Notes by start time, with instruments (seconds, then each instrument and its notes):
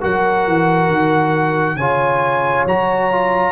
0.00 tuba F#3, trombone F#4, horn A#4, trumpet F#5
0.47 tuba E3
0.88 tuba D#3
1.75 tuba C#3, trombone F4, horn C#5, trumpet G#5
2.65 tuba F#3, trombone F#4, trumpet A#5
3.11 trombone F4